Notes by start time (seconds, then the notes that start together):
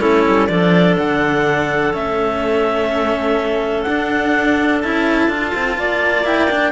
0.00 A3 C#4 E4 A4
0.26 G3
0.47 F3 D4 A4 D5
0.98 D3 F#5
1.93 A3 C#4 E5
3.83 D4 F#5
4.81 C#4 E4 A5
5.28 D4 F4
5.55 C4
5.78 A#3 D5
6.25 E4 G5
6.50 D4